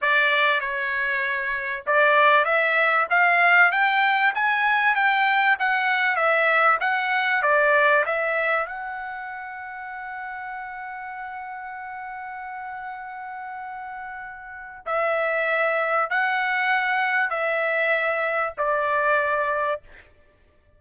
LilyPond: \new Staff \with { instrumentName = "trumpet" } { \time 4/4 \tempo 4 = 97 d''4 cis''2 d''4 | e''4 f''4 g''4 gis''4 | g''4 fis''4 e''4 fis''4 | d''4 e''4 fis''2~ |
fis''1~ | fis''1 | e''2 fis''2 | e''2 d''2 | }